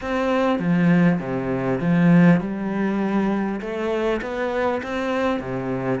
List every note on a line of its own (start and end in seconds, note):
0.01 0.59 C4
0.59 1.19 F3
1.19 1.79 C3
1.80 2.40 F3
2.40 3.60 G3
3.60 4.20 A3
4.21 4.81 B3
4.82 5.40 C4
5.40 6.00 C3